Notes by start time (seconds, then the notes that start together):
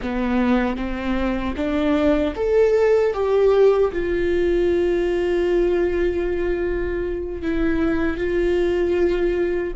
0.02 B3
0.76 C4
1.56 D4
2.36 A4
3.13 G4
3.92 F4
7.42 E4
8.17 F4